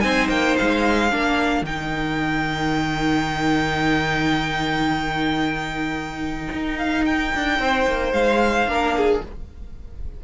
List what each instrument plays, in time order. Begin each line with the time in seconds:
0.00 cello C4, viola D#4, violin C5 G#5
0.28 cello A#3, violin G5
0.57 cello G#3, violin F5
1.11 cello A#3, viola D4, violin A#4
1.61 cello D#3, viola D#4, violin G5
6.53 cello D#4
6.77 violin F5
7.05 violin G5
7.34 cello D4
7.59 cello C4, violin C5
7.87 cello A#3
8.12 cello G#3, violin F5
8.66 cello A#3, viola D4, violin A#4
8.97 violin G#4